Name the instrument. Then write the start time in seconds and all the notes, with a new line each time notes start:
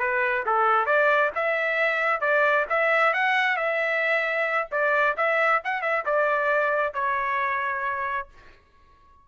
trumpet
0.00 B4
0.46 A4
0.86 D5
1.35 E5
2.21 D5
2.70 E5
3.14 F#5
3.57 E5
4.72 D5
5.17 E5
5.64 F#5
5.82 E5
6.06 D5
6.94 C#5